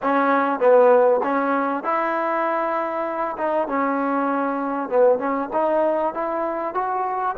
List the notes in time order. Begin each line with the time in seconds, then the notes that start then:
0.02 C#4
0.59 B3
1.23 C#4
1.83 E4
3.37 D#4
3.68 C#4
4.89 B3
5.18 C#4
5.52 D#4
6.14 E4
6.74 F#4